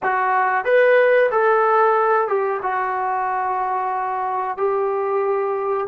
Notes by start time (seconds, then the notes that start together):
0.03 F#4
0.64 B4
1.31 A4
2.28 G4
2.62 F#4
4.57 G4